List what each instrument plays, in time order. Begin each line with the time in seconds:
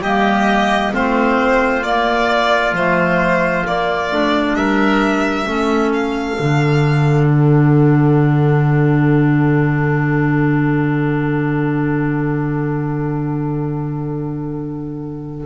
0.00 double bass G3, clarinet A#3, oboe G4, violin D#5
0.92 double bass A3, clarinet C4, oboe F4, violin C5
1.82 double bass A#3, clarinet A#3, violin D5
2.73 double bass F3, clarinet A3, violin C5
3.65 clarinet A#3, double bass A#3, violin D5
4.12 double bass A3, clarinet D4
4.54 double bass G3, oboe A#4, violin E5
5.45 double bass A3, clarinet C#4, oboe A4
5.94 violin F5
6.39 double bass D3, clarinet D4
7.28 violin F#5